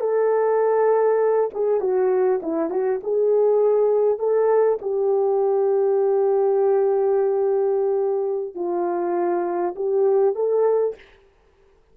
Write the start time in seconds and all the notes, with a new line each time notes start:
0.00 A4
1.54 G#4
1.81 F#4
2.43 E4
2.70 F#4
3.04 G#4
4.19 A4
4.82 G4
8.55 F4
9.76 G4
10.35 A4